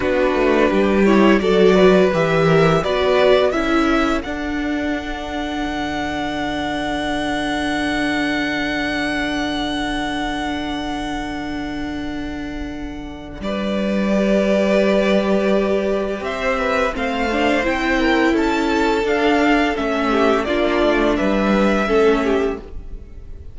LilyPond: <<
  \new Staff \with { instrumentName = "violin" } { \time 4/4 \tempo 4 = 85 b'4. cis''8 d''4 e''4 | d''4 e''4 fis''2~ | fis''1~ | fis''1~ |
fis''2. d''4~ | d''2. e''4 | f''4 g''4 a''4 f''4 | e''4 d''4 e''2 | }
  \new Staff \with { instrumentName = "violin" } { \time 4/4 fis'4 g'4 a'8 b'4 ais'8 | b'4 a'2.~ | a'1~ | a'1~ |
a'2. b'4~ | b'2. c''8 b'8 | c''4. ais'8 a'2~ | a'8 g'8 f'4 b'4 a'8 g'8 | }
  \new Staff \with { instrumentName = "viola" } { \time 4/4 d'4. e'8 fis'4 g'4 | fis'4 e'4 d'2~ | d'1~ | d'1~ |
d'1 | g'1 | c'8 d'8 e'2 d'4 | cis'4 d'2 cis'4 | }
  \new Staff \with { instrumentName = "cello" } { \time 4/4 b8 a8 g4 fis4 e4 | b4 cis'4 d'2 | d1~ | d1~ |
d2. g4~ | g2. c'4 | a4 c'4 cis'4 d'4 | a4 ais8 a8 g4 a4 | }
>>